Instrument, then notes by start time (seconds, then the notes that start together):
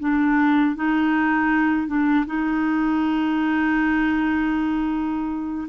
clarinet
0.00 D4
0.76 D#4
1.88 D4
2.26 D#4